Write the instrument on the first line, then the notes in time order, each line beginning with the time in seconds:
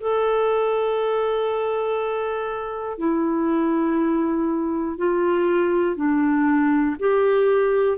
clarinet
0.00 A4
2.98 E4
4.98 F4
5.96 D4
7.00 G4